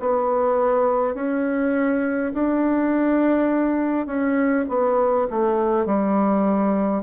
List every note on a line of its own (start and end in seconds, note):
0.00 1.15 B3
1.15 2.33 C#4
2.34 4.07 D4
4.07 4.66 C#4
4.68 5.27 B3
5.30 5.86 A3
5.86 7.03 G3